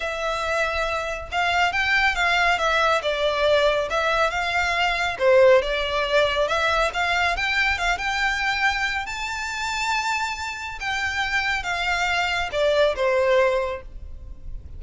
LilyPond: \new Staff \with { instrumentName = "violin" } { \time 4/4 \tempo 4 = 139 e''2. f''4 | g''4 f''4 e''4 d''4~ | d''4 e''4 f''2 | c''4 d''2 e''4 |
f''4 g''4 f''8 g''4.~ | g''4 a''2.~ | a''4 g''2 f''4~ | f''4 d''4 c''2 | }